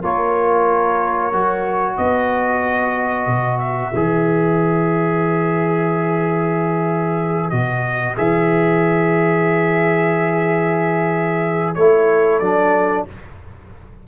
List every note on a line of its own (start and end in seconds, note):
0.00 1.32 A#3
0.00 1.32 F4
0.00 1.96 A#4
0.00 1.97 C#5
1.32 1.97 F#3
1.32 3.93 F#4
1.96 3.26 B3
1.96 11.74 B4
1.96 3.58 D#5
3.26 3.91 B2
3.58 7.50 E5
3.94 7.51 E3
3.94 7.51 G#4
7.50 8.17 B2
7.50 8.16 F#4
7.50 8.15 D#5
8.16 11.76 E3
8.16 11.75 G#4
8.16 11.74 E5
11.74 12.40 A3
11.74 12.42 E4
11.74 13.07 A4
11.74 12.38 C#5
12.38 13.05 F#3
12.38 13.07 D4
12.38 13.04 D5